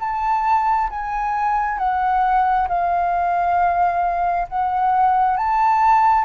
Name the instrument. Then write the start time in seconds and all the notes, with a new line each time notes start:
flute
0.00 A5
0.90 G#5
1.78 F#5
2.68 F5
4.49 F#5
5.37 A5